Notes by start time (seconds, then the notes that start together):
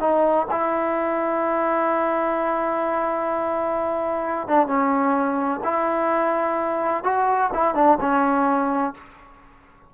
0.00 D#4
0.51 E4
4.48 D4
4.67 C#4
5.64 E4
7.04 F#4
7.54 E4
7.75 D4
8.00 C#4